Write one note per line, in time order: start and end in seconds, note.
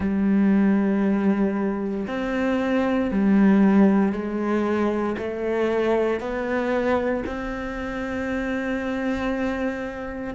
0.00 2.06 G3
2.07 3.11 C4
3.11 4.12 G3
4.12 5.15 G#3
5.18 6.20 A3
6.20 7.23 B3
7.26 10.34 C4